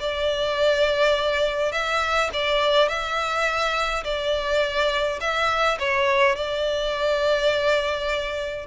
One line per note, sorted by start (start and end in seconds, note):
0.00 1.72 D5
1.72 2.30 E5
2.33 2.89 D5
2.89 4.04 E5
4.04 5.19 D5
5.21 5.78 E5
5.79 6.36 C#5
6.36 8.67 D5